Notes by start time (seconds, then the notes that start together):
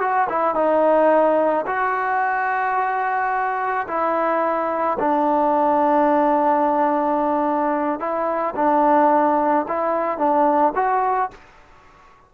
0.00 F#4
0.29 E4
0.55 D#4
1.67 F#4
3.88 E4
4.99 D4
8.00 E4
8.56 D4
9.68 E4
10.18 D4
10.75 F#4